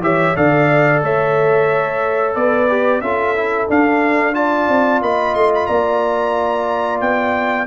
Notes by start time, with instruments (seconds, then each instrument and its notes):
0.00 tuba E3, trombone G4, horn C#5, trumpet E5
0.35 tuba D3, trombone A4, horn D5, trumpet F5
1.02 tuba A3, horn C#5, trumpet E5
2.34 tuba B3, horn B4, trumpet D5
2.68 trombone G4
3.00 tuba C#4, trombone F4, horn A4, trumpet E5
3.36 trombone E4
3.68 trombone D4, tuba D4, trumpet F5
4.33 trombone F4, horn D5, trumpet A5
4.68 tuba C4
5.01 tuba A#3, horn D#5, trumpet B5
5.34 tuba A3, trumpet C6
5.54 trumpet B5
5.66 tuba A#3, horn D5, trumpet A#5
7.00 tuba B3, trumpet G5